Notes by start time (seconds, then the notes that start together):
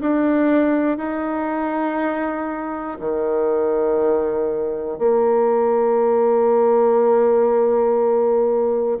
0.00 D4
0.97 D#4
3.00 D#3
4.98 A#3